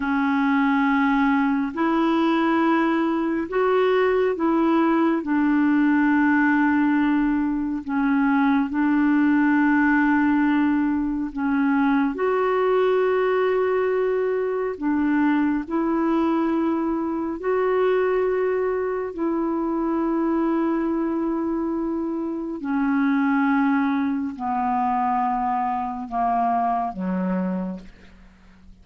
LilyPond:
\new Staff \with { instrumentName = "clarinet" } { \time 4/4 \tempo 4 = 69 cis'2 e'2 | fis'4 e'4 d'2~ | d'4 cis'4 d'2~ | d'4 cis'4 fis'2~ |
fis'4 d'4 e'2 | fis'2 e'2~ | e'2 cis'2 | b2 ais4 fis4 | }